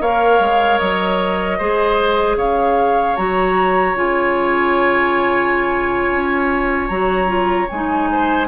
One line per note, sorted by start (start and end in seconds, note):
0.00 0.39 A#3
0.00 1.60 A#4
0.00 1.58 C#5
0.00 0.78 F5
0.39 0.79 G#3
0.78 1.59 F#3
0.78 2.36 D#5
1.58 2.36 G#3
1.58 3.16 G#4
1.58 2.37 C5
2.36 3.15 C#3
2.36 8.09 C#5
2.36 3.16 F5
3.16 3.94 F#3
3.16 3.95 F#4
3.16 3.95 A#5
3.94 6.10 C#3
3.94 6.91 F4
3.94 6.88 G#5
6.10 6.89 C#4
6.88 7.68 F#3
6.88 7.27 F#4
6.88 7.67 A#5
7.27 7.66 F4
7.69 8.47 G#3
7.69 8.47 D#4
7.69 8.47 G#5
8.12 8.47 C5